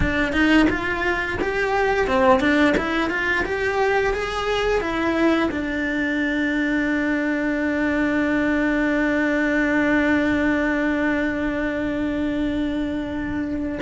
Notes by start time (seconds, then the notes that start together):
0.00 D4
0.32 D#4
0.69 F4
1.41 G4
2.07 C4
2.39 D4
2.77 E4
3.10 F4
3.45 G4
4.13 G#4
4.80 E4
5.51 D4